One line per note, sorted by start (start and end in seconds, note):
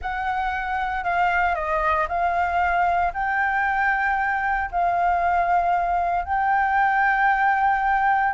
0.01 1.04 F#5
1.04 1.55 F5
1.55 2.07 D#5
2.08 3.13 F5
3.13 4.70 G5
4.71 6.24 F5
6.24 8.33 G5